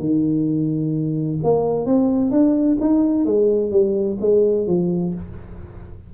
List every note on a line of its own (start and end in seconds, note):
0.00 1.40 D#3
1.44 1.86 A#3
1.86 2.31 C4
2.31 2.78 D4
2.81 3.26 D#4
3.26 3.71 G#3
3.71 4.18 G3
4.21 4.68 G#3
4.68 5.14 F3